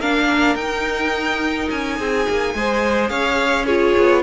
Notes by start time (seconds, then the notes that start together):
0.00 A#3 D4 A#4 F5
0.56 D#4 G5
1.71 C#4 G#5
1.98 C4 G#4
2.29 A#3
2.55 G#3 G#4 C5
3.09 C#4 C#5 F5
3.66 F4 G#4 C#5
3.98 B3